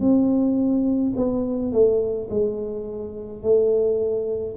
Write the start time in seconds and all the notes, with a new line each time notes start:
0.00 C4
1.16 B3
1.72 A3
2.30 G#3
3.43 A3